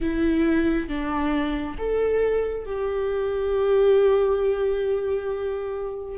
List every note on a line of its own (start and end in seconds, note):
0.00 0.88 E4
0.88 1.76 D4
1.78 2.65 A4
2.65 6.18 G4